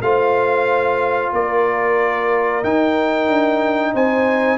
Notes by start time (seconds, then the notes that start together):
0.00 A3 F4 C5 F5
1.32 A#3 A#4 D5
2.63 D#4 G5
3.28 D4
3.93 C4 C5 G#5